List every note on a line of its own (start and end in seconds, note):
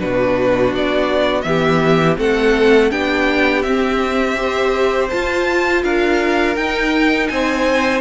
0.00 0.74 B2
0.00 1.43 D4
0.00 1.46 F#4
0.00 0.74 B4
0.74 1.45 B3
0.74 1.42 D5
1.42 2.18 E3
1.42 2.17 B3
1.42 2.19 G4
1.42 2.15 E5
2.18 2.92 A3
2.18 2.91 C4
2.18 2.92 A4
2.18 2.92 F#5
2.91 3.65 B3
2.91 3.64 D4
2.91 4.38 G4
2.91 3.63 G5
3.63 5.11 C4
3.63 4.37 C4
3.63 5.09 E5
4.37 5.10 G4
4.37 5.84 C5
5.10 6.57 F4
5.10 5.84 F4
5.10 5.83 A5
5.84 6.57 D4
5.84 7.31 A#4
5.84 6.56 F5
6.56 8.01 D#4
6.56 7.30 D#4
6.56 7.28 G5
7.28 8.01 C4
7.28 8.01 C5
7.28 8.01 G#5